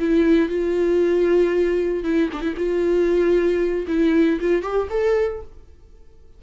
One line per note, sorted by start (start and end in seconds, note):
0.00 0.49 E4
0.49 2.04 F4
2.04 2.30 E4
2.33 2.41 D4
2.41 2.54 E4
2.57 3.86 F4
3.88 4.40 E4
4.41 4.63 F4
4.63 4.89 G4
4.90 5.42 A4